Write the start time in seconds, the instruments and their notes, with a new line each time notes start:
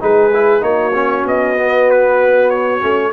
0.00 tuba G#3, trombone D#4, horn G#4, trumpet B4
0.34 trombone E4
0.61 tuba A#3, trombone D#4, horn F#4, trumpet C#5
0.94 trombone C#4
1.26 tuba B3, trumpet D#5
1.57 trombone B3
1.91 trumpet B4
2.50 trumpet C#5
2.80 tuba A3, trombone C#4